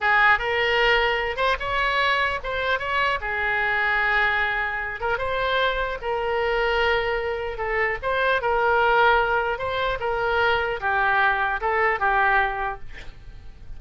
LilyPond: \new Staff \with { instrumentName = "oboe" } { \time 4/4 \tempo 4 = 150 gis'4 ais'2~ ais'8 c''8 | cis''2 c''4 cis''4 | gis'1~ | gis'8 ais'8 c''2 ais'4~ |
ais'2. a'4 | c''4 ais'2. | c''4 ais'2 g'4~ | g'4 a'4 g'2 | }